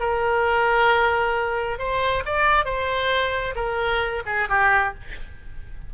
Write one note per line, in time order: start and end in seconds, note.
0.00 1.79 A#4
1.79 2.23 C5
2.26 2.65 D5
2.65 3.55 C5
3.56 4.23 A#4
4.26 4.49 G#4
4.49 4.94 G4